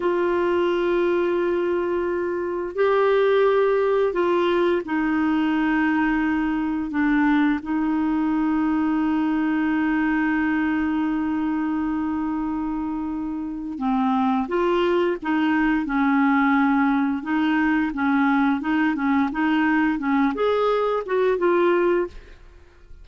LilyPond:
\new Staff \with { instrumentName = "clarinet" } { \time 4/4 \tempo 4 = 87 f'1 | g'2 f'4 dis'4~ | dis'2 d'4 dis'4~ | dis'1~ |
dis'1 | c'4 f'4 dis'4 cis'4~ | cis'4 dis'4 cis'4 dis'8 cis'8 | dis'4 cis'8 gis'4 fis'8 f'4 | }